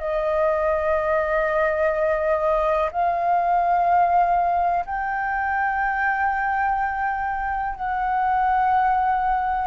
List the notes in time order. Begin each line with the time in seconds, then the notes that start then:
0.00 D#5
2.92 F5
4.86 G5
7.76 F#5